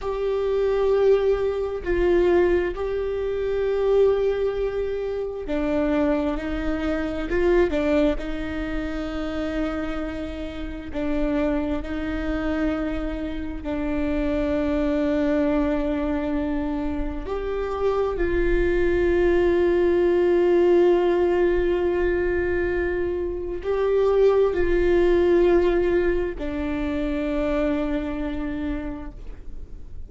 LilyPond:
\new Staff \with { instrumentName = "viola" } { \time 4/4 \tempo 4 = 66 g'2 f'4 g'4~ | g'2 d'4 dis'4 | f'8 d'8 dis'2. | d'4 dis'2 d'4~ |
d'2. g'4 | f'1~ | f'2 g'4 f'4~ | f'4 d'2. | }